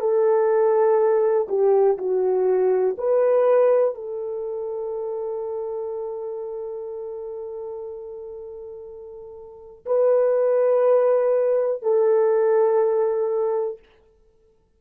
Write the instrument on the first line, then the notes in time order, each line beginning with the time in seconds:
horn
0.00 A4
1.48 G4
1.98 F#4
2.98 B4
3.95 A4
9.85 B4
11.82 A4